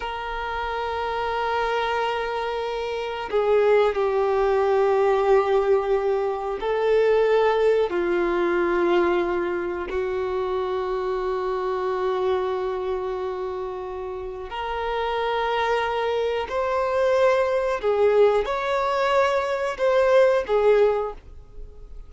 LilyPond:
\new Staff \with { instrumentName = "violin" } { \time 4/4 \tempo 4 = 91 ais'1~ | ais'4 gis'4 g'2~ | g'2 a'2 | f'2. fis'4~ |
fis'1~ | fis'2 ais'2~ | ais'4 c''2 gis'4 | cis''2 c''4 gis'4 | }